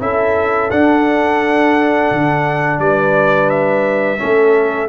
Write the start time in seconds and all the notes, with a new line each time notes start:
0.00 C#4 E4 A4 E5
0.70 D4 F#5
2.12 D3
2.79 G3 B4 D5
3.50 E5
4.18 A3 C#4 A4